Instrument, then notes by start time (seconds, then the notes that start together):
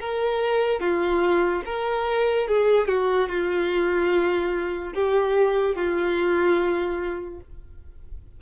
violin
0.00 A#4
0.80 F4
1.66 A#4
2.48 G#4
2.88 F#4
3.29 F4
4.94 G4
5.75 F4